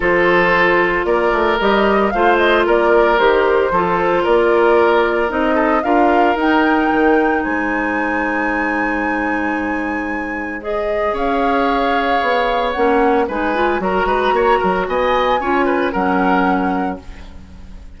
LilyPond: <<
  \new Staff \with { instrumentName = "flute" } { \time 4/4 \tempo 4 = 113 c''2 d''4 dis''4 | f''8 dis''8 d''4 c''2 | d''2 dis''4 f''4 | g''2 gis''2~ |
gis''1 | dis''4 f''2. | fis''4 gis''4 ais''2 | gis''2 fis''2 | }
  \new Staff \with { instrumentName = "oboe" } { \time 4/4 a'2 ais'2 | c''4 ais'2 a'4 | ais'2~ ais'8 a'8 ais'4~ | ais'2 c''2~ |
c''1~ | c''4 cis''2.~ | cis''4 b'4 ais'8 b'8 cis''8 ais'8 | dis''4 cis''8 b'8 ais'2 | }
  \new Staff \with { instrumentName = "clarinet" } { \time 4/4 f'2. g'4 | f'2 g'4 f'4~ | f'2 dis'4 f'4 | dis'1~ |
dis'1 | gis'1 | cis'4 dis'8 f'8 fis'2~ | fis'4 f'4 cis'2 | }
  \new Staff \with { instrumentName = "bassoon" } { \time 4/4 f2 ais8 a8 g4 | a4 ais4 dis4 f4 | ais2 c'4 d'4 | dis'4 dis4 gis2~ |
gis1~ | gis4 cis'2 b4 | ais4 gis4 fis8 gis8 ais8 fis8 | b4 cis'4 fis2 | }
>>